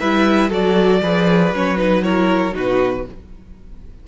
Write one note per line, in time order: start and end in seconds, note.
0.00 0.51 G3
0.00 0.51 E4
0.00 0.50 B4
0.00 0.51 E5
0.50 1.02 F#3
0.50 1.01 F#4
0.50 1.00 A4
0.50 1.55 D5
1.02 1.52 F3
1.02 1.54 G#4
1.02 2.04 B4
1.52 2.54 F#3
1.52 1.77 C#4
1.52 1.78 C#5
1.77 2.03 D#4
1.77 2.03 B4
2.03 2.53 E4
2.03 2.55 A#4
2.03 2.54 C#5
2.53 3.06 B2
2.53 3.03 D#4
2.53 3.06 F#4
2.53 3.08 B4